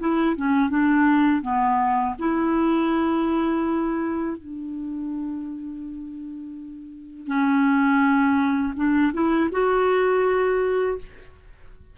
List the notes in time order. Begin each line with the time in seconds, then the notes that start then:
0.00 E4
0.37 C#4
0.70 D4
1.42 B3
2.19 E4
4.38 D4
7.28 C#4
8.76 D4
9.13 E4
9.52 F#4